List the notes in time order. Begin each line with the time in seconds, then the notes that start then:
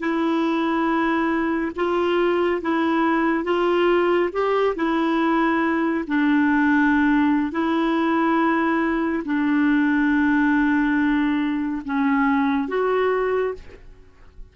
0.00 E4
1.76 F4
2.62 E4
3.44 F4
4.33 G4
4.76 E4
6.07 D4
7.52 E4
9.25 D4
11.85 C#4
12.69 F#4